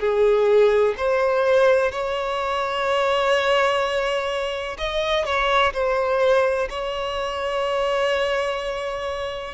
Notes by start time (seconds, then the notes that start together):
0.00 G#4
0.97 C5
1.92 C#5
4.78 D#5
5.26 C#5
5.73 C5
6.70 C#5